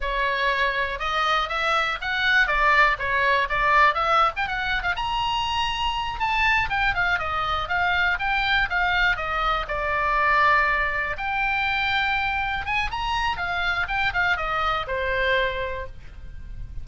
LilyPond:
\new Staff \with { instrumentName = "oboe" } { \time 4/4 \tempo 4 = 121 cis''2 dis''4 e''4 | fis''4 d''4 cis''4 d''4 | e''8. g''16 fis''8. f''16 ais''2~ | ais''8 a''4 g''8 f''8 dis''4 f''8~ |
f''8 g''4 f''4 dis''4 d''8~ | d''2~ d''8 g''4.~ | g''4. gis''8 ais''4 f''4 | g''8 f''8 dis''4 c''2 | }